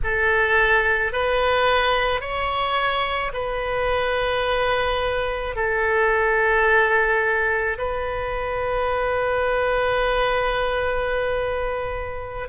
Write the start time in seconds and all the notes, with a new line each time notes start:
0.03 A4
1.12 B4
2.20 C#5
3.33 B4
5.55 A4
7.78 B4